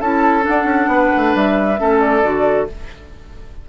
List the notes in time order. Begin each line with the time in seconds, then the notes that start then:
0.00 C#4 E4 A4 A5
0.41 D4 F#5
0.49 D4
0.64 C#4
0.87 B3 B4
1.16 A3
1.34 G3 E5
1.78 A3 C#4 A4
2.00 D5
2.22 D3 F#4